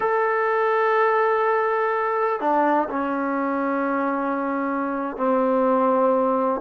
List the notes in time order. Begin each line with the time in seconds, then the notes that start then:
0.00 A4
2.40 D4
2.89 C#4
5.16 C4